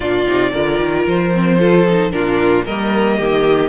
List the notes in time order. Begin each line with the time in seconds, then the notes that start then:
0.00 A#2 D4 F4 D5
0.26 C3 D#4
0.50 D3 F4 A#4
0.79 D#3
1.07 F3 C5
1.34 C4
1.58 F4 A4
1.88 D#4
2.11 A#2 D4 F4 A#4
2.65 G3 A#3 A#4 D#5
3.16 D#3 G4